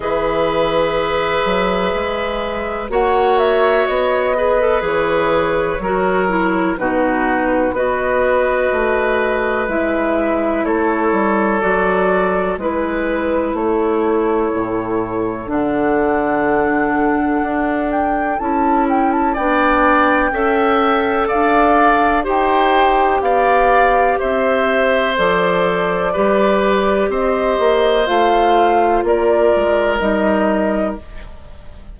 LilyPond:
<<
  \new Staff \with { instrumentName = "flute" } { \time 4/4 \tempo 4 = 62 e''2. fis''8 e''8 | dis''4 cis''2 b'4 | dis''2 e''4 cis''4 | d''4 b'4 cis''2 |
fis''2~ fis''8 g''8 a''8 g''16 a''16 | g''2 f''4 g''4 | f''4 e''4 d''2 | dis''4 f''4 d''4 dis''4 | }
  \new Staff \with { instrumentName = "oboe" } { \time 4/4 b'2. cis''4~ | cis''8 b'4. ais'4 fis'4 | b'2. a'4~ | a'4 b'4 a'2~ |
a'1 | d''4 e''4 d''4 c''4 | d''4 c''2 b'4 | c''2 ais'2 | }
  \new Staff \with { instrumentName = "clarinet" } { \time 4/4 gis'2. fis'4~ | fis'8 gis'16 a'16 gis'4 fis'8 e'8 dis'4 | fis'2 e'2 | fis'4 e'2. |
d'2. e'4 | d'4 a'2 g'4~ | g'2 a'4 g'4~ | g'4 f'2 dis'4 | }
  \new Staff \with { instrumentName = "bassoon" } { \time 4/4 e4. fis8 gis4 ais4 | b4 e4 fis4 b,4 | b4 a4 gis4 a8 g8 | fis4 gis4 a4 a,4 |
d2 d'4 cis'4 | b4 cis'4 d'4 dis'4 | b4 c'4 f4 g4 | c'8 ais8 a4 ais8 gis8 g4 | }
>>